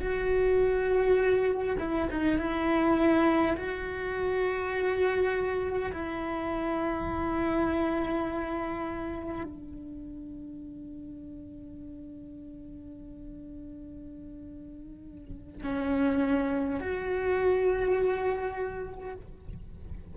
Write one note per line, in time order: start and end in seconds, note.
0.00 1.76 F#4
1.80 2.09 E4
2.11 2.39 D#4
2.39 3.57 E4
3.57 5.93 F#4
5.93 9.44 E4
9.44 15.62 D4
15.64 16.80 C#4
16.80 19.16 F#4